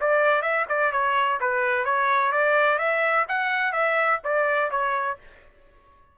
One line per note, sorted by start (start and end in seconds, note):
0.00 0.41 D5
0.41 0.65 E5
0.68 0.92 D5
0.92 1.39 C#5
1.40 1.84 B4
1.84 2.31 C#5
2.31 2.78 D5
2.78 3.25 E5
3.28 3.72 F#5
3.72 4.19 E5
4.23 4.70 D5
4.70 5.18 C#5